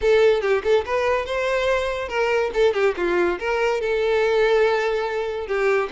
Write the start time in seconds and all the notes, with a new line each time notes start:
0.01 A4
0.41 G4
0.63 A4
0.85 B4
1.25 C5
2.08 A#4
2.53 A4
2.73 G4
2.96 F4
3.39 A#4
3.80 A4
5.47 G4